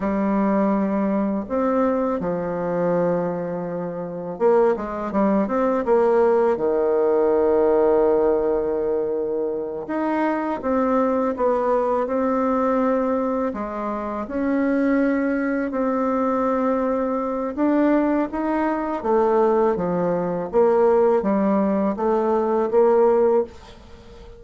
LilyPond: \new Staff \with { instrumentName = "bassoon" } { \time 4/4 \tempo 4 = 82 g2 c'4 f4~ | f2 ais8 gis8 g8 c'8 | ais4 dis2.~ | dis4. dis'4 c'4 b8~ |
b8 c'2 gis4 cis'8~ | cis'4. c'2~ c'8 | d'4 dis'4 a4 f4 | ais4 g4 a4 ais4 | }